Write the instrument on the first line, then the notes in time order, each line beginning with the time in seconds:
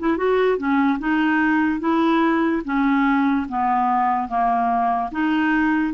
clarinet
0.00 E4
0.18 F#4
0.58 C#4
0.99 D#4
1.80 E4
2.65 C#4
3.49 B3
4.29 A#3
5.12 D#4